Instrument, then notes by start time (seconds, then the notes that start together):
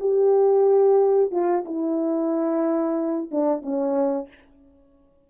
horn
0.00 G4
1.31 F4
1.65 E4
3.31 D4
3.62 C#4